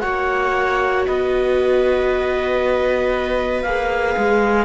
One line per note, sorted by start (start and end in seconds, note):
0.00 1.07 A#3
0.00 3.64 F#4
0.00 1.05 C#5
0.00 1.03 F#5
1.06 3.64 B3
1.06 4.65 B4
1.06 3.62 D#5
3.62 4.16 A#3
3.62 4.65 G#4
3.62 4.65 F5
4.17 4.65 G#3